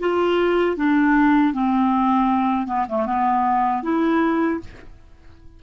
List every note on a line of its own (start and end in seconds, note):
0.00 0.77 F4
0.77 1.53 D4
1.53 2.67 C4
2.67 2.86 B3
2.89 3.06 A3
3.06 3.83 B3
3.83 4.60 E4